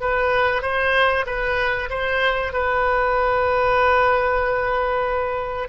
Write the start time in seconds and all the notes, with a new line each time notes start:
0.00 B4
0.62 C5
1.26 B4
1.89 C5
2.53 B4